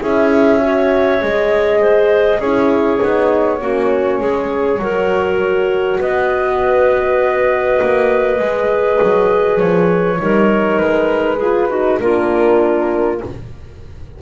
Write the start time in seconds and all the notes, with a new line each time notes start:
0.00 C#4 E4 G#4 E5
0.59 F#4 C#5
1.21 G#3 G#4 D#5
1.80 C5
2.38 C#4 E4 G#4 C#5
2.99 B3 D#4
3.60 A#3 C#4 F#4
4.19 G#3 G#4
4.79 F#3 F#4 A#4
6.00 B3 B4 D#5
7.82 A#3
8.39 G#3 G#4
9.02 F#3
9.58 F3 C#5
10.18 G3 D#4 A#4
10.78 G#3 B4
11.38 F4 G#4
11.69 D#4 F#4
12.00 A#3 D4 F4 A#4